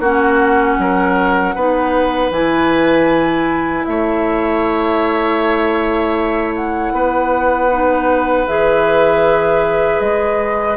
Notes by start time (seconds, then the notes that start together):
0.00 A#3 C#4 F#4 F#5
0.79 F#3 A#4
1.55 B3 D#4 B4
2.31 E3 E4 G#5
3.85 A3 C#5 E5
6.56 F#5
6.93 B3 B4
7.71 D#4
8.48 E3 G#4 E5
10.01 G#3 D#5